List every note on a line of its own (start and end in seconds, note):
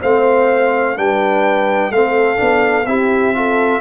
0.00 0.97 A3
0.00 0.96 C4
0.00 0.95 C5
0.00 0.97 F5
0.96 1.90 G3
0.96 1.91 D4
0.96 1.92 B4
0.96 1.91 G5
1.90 2.38 A3
1.90 2.36 C4
1.90 2.88 A4
1.90 2.86 F5
2.36 2.86 B3
2.36 2.83 D4
2.86 3.80 C4
2.86 3.34 E4
2.86 3.35 G4
2.86 3.80 E5
3.34 3.80 F4
3.34 3.80 A4